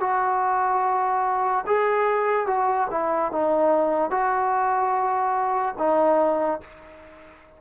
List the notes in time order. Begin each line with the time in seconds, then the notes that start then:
0.00 F#4
1.67 G#4
2.47 F#4
2.90 E4
3.31 D#4
4.11 F#4
5.78 D#4